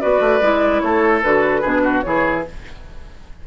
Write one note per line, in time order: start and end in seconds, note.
0.00 0.20 B3
0.00 0.41 F#4
0.00 0.82 B4
0.00 0.80 D5
0.20 0.40 A3
0.41 0.82 G#3
0.41 1.23 E4
0.80 1.23 A3
0.80 1.61 A4
0.80 1.20 C#5
1.22 1.64 D3
1.22 1.63 F#4
1.22 2.01 B4
1.61 2.04 B2
1.61 2.03 D4
1.61 1.81 G#4
1.83 2.03 F#4
2.01 2.46 E3
2.01 2.45 E4
2.01 2.47 G#4
2.01 2.41 C#5